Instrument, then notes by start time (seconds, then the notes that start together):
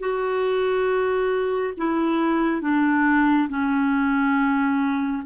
clarinet
0.00 F#4
1.78 E4
2.62 D4
3.49 C#4